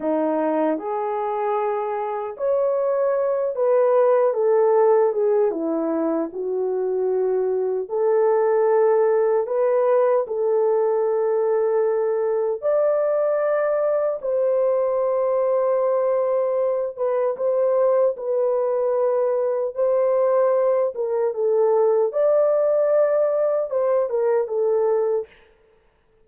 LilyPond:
\new Staff \with { instrumentName = "horn" } { \time 4/4 \tempo 4 = 76 dis'4 gis'2 cis''4~ | cis''8 b'4 a'4 gis'8 e'4 | fis'2 a'2 | b'4 a'2. |
d''2 c''2~ | c''4. b'8 c''4 b'4~ | b'4 c''4. ais'8 a'4 | d''2 c''8 ais'8 a'4 | }